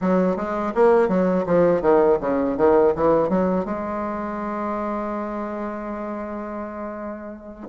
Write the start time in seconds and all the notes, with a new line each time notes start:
0.01 F#3
0.36 G#3
0.74 A#3
1.08 F#3
1.46 F3
1.81 D#3
2.20 C#3
2.57 D#3
2.95 E3
3.29 F#3
3.65 G#3